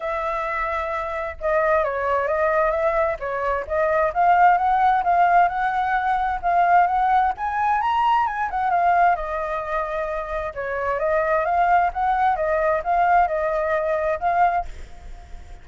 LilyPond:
\new Staff \with { instrumentName = "flute" } { \time 4/4 \tempo 4 = 131 e''2. dis''4 | cis''4 dis''4 e''4 cis''4 | dis''4 f''4 fis''4 f''4 | fis''2 f''4 fis''4 |
gis''4 ais''4 gis''8 fis''8 f''4 | dis''2. cis''4 | dis''4 f''4 fis''4 dis''4 | f''4 dis''2 f''4 | }